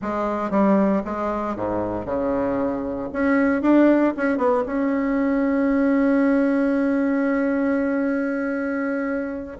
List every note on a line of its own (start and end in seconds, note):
0.01 0.50 G#3
0.50 1.02 G3
1.04 1.56 G#3
1.56 2.05 G#2
2.05 3.08 C#3
3.12 3.62 C#4
3.62 4.13 D4
4.16 4.37 C#4
4.37 4.63 B3
4.66 9.57 C#4